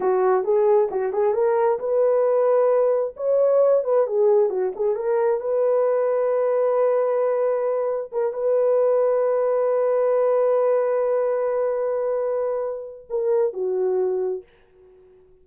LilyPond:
\new Staff \with { instrumentName = "horn" } { \time 4/4 \tempo 4 = 133 fis'4 gis'4 fis'8 gis'8 ais'4 | b'2. cis''4~ | cis''8 b'8 gis'4 fis'8 gis'8 ais'4 | b'1~ |
b'2 ais'8 b'4.~ | b'1~ | b'1~ | b'4 ais'4 fis'2 | }